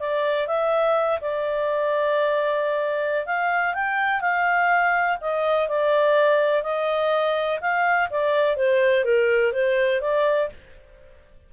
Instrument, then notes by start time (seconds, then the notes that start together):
clarinet
0.00 D5
0.48 E5
1.21 D5
3.27 F5
3.75 G5
4.21 F5
5.21 D#5
5.69 D5
6.63 D#5
7.61 F5
8.11 D5
8.57 C5
9.05 A#4
9.53 C5
10.02 D5